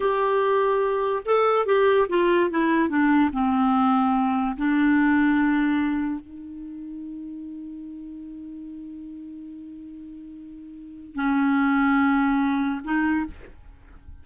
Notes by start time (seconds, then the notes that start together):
0.00 G4
1.25 A4
1.66 G4
2.09 F4
2.50 E4
2.89 D4
3.32 C4
4.57 D4
6.20 D#4
11.15 C#4
12.84 D#4